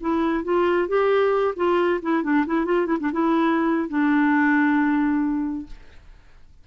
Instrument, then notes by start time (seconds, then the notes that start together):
clarinet
0.00 E4
0.44 F4
0.88 G4
1.56 F4
2.02 E4
2.23 D4
2.46 E4
2.65 F4
2.86 E4
3.00 D4
3.12 E4
3.89 D4